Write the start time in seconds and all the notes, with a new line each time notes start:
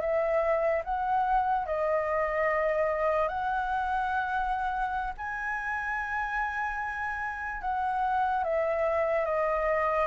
0.00 E5
0.84 F#5
1.66 D#5
3.28 F#5
5.17 G#5
7.61 F#5
8.43 E5
9.25 D#5